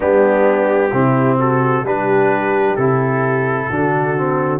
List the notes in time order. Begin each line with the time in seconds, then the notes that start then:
0.00 G3 B3 D4 G4
0.92 C3 C4 E4
1.38 F#4 A4
1.83 G3 D4 G4 B4
2.76 C3 E4 A4
3.69 D3 D4 F#4
4.17 C4